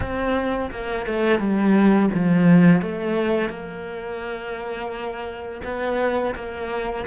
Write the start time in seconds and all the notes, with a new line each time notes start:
0.00 C4
0.71 A#3
1.06 A3
1.39 G3
2.14 F3
2.81 A3
3.49 A#3
5.64 B3
6.35 A#3